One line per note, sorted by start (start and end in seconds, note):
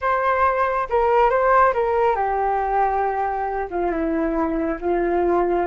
0.01 0.88 C5
0.89 1.29 A#4
1.29 1.73 C5
1.73 2.15 A#4
2.15 3.67 G4
3.70 3.91 F4
3.91 4.78 E4
4.80 5.66 F4